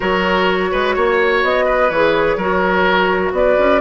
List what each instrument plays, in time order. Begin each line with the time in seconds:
0.00 bassoon F#3, clarinet F#4, oboe A#4, flute C#5
0.71 bassoon G#3, oboe B4
0.95 bassoon A#3, oboe C#5
1.42 bassoon B3, flute D#5
1.65 oboe B4
1.89 bassoon E3, clarinet G#4, flute C#5
2.36 bassoon F#3, clarinet F#4, oboe A#4
3.32 bassoon B3, oboe B4, flute D5
3.58 bassoon C#4